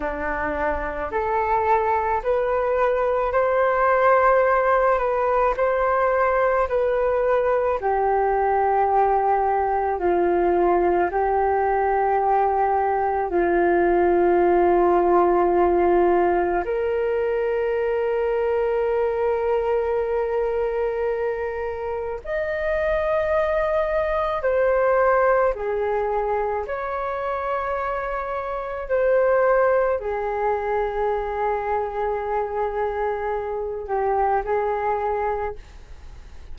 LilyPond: \new Staff \with { instrumentName = "flute" } { \time 4/4 \tempo 4 = 54 d'4 a'4 b'4 c''4~ | c''8 b'8 c''4 b'4 g'4~ | g'4 f'4 g'2 | f'2. ais'4~ |
ais'1 | dis''2 c''4 gis'4 | cis''2 c''4 gis'4~ | gis'2~ gis'8 g'8 gis'4 | }